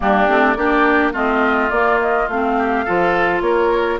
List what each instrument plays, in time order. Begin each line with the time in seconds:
0.00 bassoon G3, clarinet A#3, oboe D4, flute G4
0.27 bassoon A3, clarinet C4
0.54 bassoon A#3, clarinet D4, oboe G4, flute D5
1.12 bassoon A3, clarinet C4, oboe F4, flute D#5
1.70 bassoon A#3, clarinet A#3, flute D5
2.01 flute D#5
2.28 bassoon A3, clarinet C4, flute F5
2.58 oboe G4
2.85 bassoon F3, clarinet F4, oboe A4
3.41 bassoon A#3, oboe A#4, flute C#5